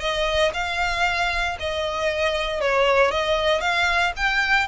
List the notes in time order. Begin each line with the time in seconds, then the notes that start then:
0.00 D#5
0.54 F5
1.60 D#5
2.61 C#5
3.11 D#5
3.61 F5
4.16 G5